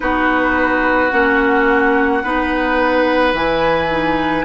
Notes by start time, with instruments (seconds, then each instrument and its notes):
0.00 bassoon B3, clarinet D#4, oboe F#4, flute B4
1.11 bassoon A#3, clarinet C#4, flute F#5
2.23 bassoon B3, clarinet D#4, oboe B4
3.33 bassoon E3, clarinet E4, flute G#5
3.90 clarinet D#4